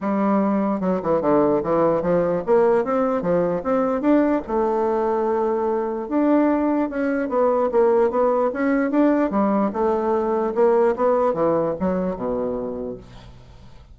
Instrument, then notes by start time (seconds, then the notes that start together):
bassoon
0.00 G3
0.80 F#3
1.02 E3
1.21 D3
1.63 E3
2.02 F3
2.46 A#3
2.84 C4
3.22 F3
3.63 C4
4.01 D4
4.47 A3
6.08 D4
6.89 C#4
7.28 B3
7.71 A#3
8.10 B3
8.53 C#4
8.90 D4
9.30 G3
9.72 A3
10.54 A#3
10.96 B3
11.33 E3
11.79 F#3
12.15 B2